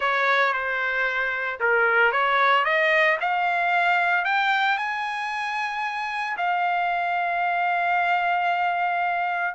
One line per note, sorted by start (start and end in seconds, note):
0.00 0.53 C#5
0.53 1.59 C5
1.60 2.12 A#4
2.12 2.64 C#5
2.64 3.17 D#5
3.20 4.25 F5
4.25 4.77 G5
4.77 6.36 G#5
6.37 9.54 F5